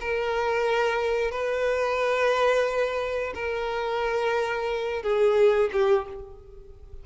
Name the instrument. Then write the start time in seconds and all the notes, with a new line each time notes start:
violin
0.00 A#4
1.31 B4
3.34 A#4
5.02 G#4
5.72 G4